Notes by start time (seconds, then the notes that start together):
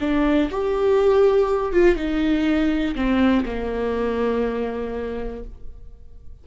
0.00 D4
0.51 G4
1.73 F4
1.96 D#4
2.95 C4
3.45 A#3